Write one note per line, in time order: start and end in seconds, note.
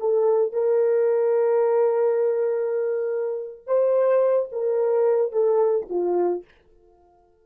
0.00 0.53 A4
0.53 3.67 A#4
3.67 4.50 C5
4.52 5.32 A#4
5.32 5.87 A4
5.90 6.45 F4